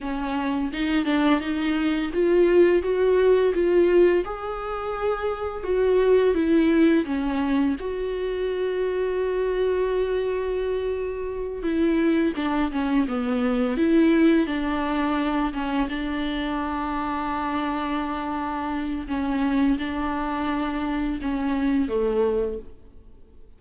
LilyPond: \new Staff \with { instrumentName = "viola" } { \time 4/4 \tempo 4 = 85 cis'4 dis'8 d'8 dis'4 f'4 | fis'4 f'4 gis'2 | fis'4 e'4 cis'4 fis'4~ | fis'1~ |
fis'8 e'4 d'8 cis'8 b4 e'8~ | e'8 d'4. cis'8 d'4.~ | d'2. cis'4 | d'2 cis'4 a4 | }